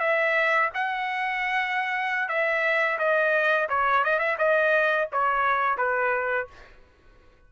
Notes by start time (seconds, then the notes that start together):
0.00 E5
0.74 F#5
2.29 E5
2.98 D#5
3.69 C#5
4.04 D#5
4.19 E5
4.38 D#5
5.12 C#5
5.77 B4